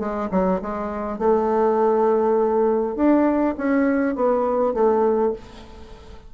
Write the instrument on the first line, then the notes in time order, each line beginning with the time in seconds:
bassoon
0.00 G#3
0.32 F#3
0.62 G#3
1.19 A3
2.96 D4
3.58 C#4
4.16 B3
4.74 A3